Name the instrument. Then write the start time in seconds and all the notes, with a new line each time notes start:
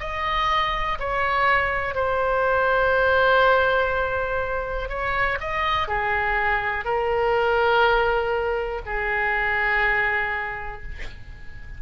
oboe
0.00 D#5
1.00 C#5
1.94 C5
4.89 C#5
5.41 D#5
5.88 G#4
6.85 A#4
8.86 G#4